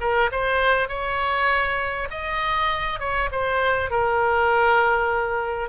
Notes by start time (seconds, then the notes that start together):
0.00 A#4
0.31 C5
0.88 C#5
2.10 D#5
2.99 C#5
3.31 C5
3.90 A#4